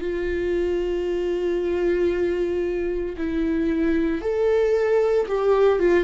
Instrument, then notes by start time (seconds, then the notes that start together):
viola
0.00 F4
3.17 E4
4.21 A4
5.27 G4
5.79 F4